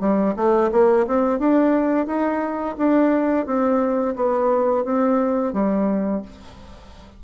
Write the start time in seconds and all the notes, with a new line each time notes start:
0.00 G3
0.36 A3
0.71 A#3
1.07 C4
1.39 D4
2.06 D#4
2.77 D4
3.46 C4
4.15 B3
4.84 C4
5.53 G3